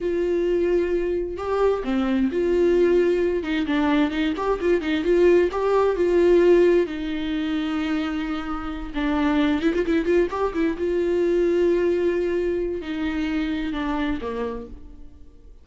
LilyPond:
\new Staff \with { instrumentName = "viola" } { \time 4/4 \tempo 4 = 131 f'2. g'4 | c'4 f'2~ f'8 dis'8 | d'4 dis'8 g'8 f'8 dis'8 f'4 | g'4 f'2 dis'4~ |
dis'2.~ dis'8 d'8~ | d'4 e'16 f'16 e'8 f'8 g'8 e'8 f'8~ | f'1 | dis'2 d'4 ais4 | }